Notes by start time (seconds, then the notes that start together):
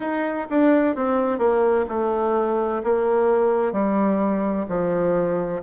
0.00 D#4
0.49 D4
0.95 C4
1.38 A#3
1.88 A3
2.83 A#3
3.72 G3
4.68 F3